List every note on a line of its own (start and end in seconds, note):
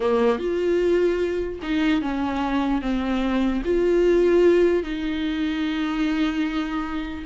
0.00 0.38 A#3
0.38 1.59 F4
1.62 2.01 D#4
2.01 2.81 C#4
2.81 3.62 C4
3.64 4.83 F4
4.83 7.24 D#4